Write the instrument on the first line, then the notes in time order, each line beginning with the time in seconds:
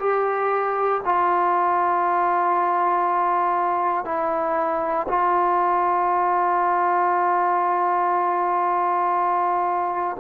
trombone
0.00 G4
1.05 F4
4.05 E4
5.09 F4